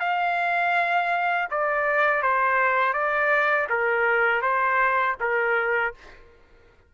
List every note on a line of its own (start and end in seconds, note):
0.00 1.48 F5
1.51 2.22 D5
2.22 2.94 C5
2.94 3.68 D5
3.70 4.42 A#4
4.42 5.16 C5
5.20 5.94 A#4